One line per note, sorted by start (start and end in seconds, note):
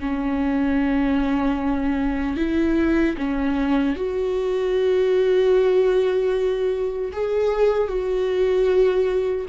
0.00 2.37 C#4
2.37 3.16 E4
3.18 3.96 C#4
3.96 7.12 F#4
7.12 7.88 G#4
7.88 9.46 F#4